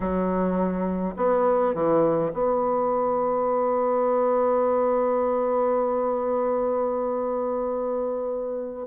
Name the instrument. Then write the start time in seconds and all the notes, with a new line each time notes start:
bassoon
0.00 F#3
1.16 B3
1.73 E3
2.33 B3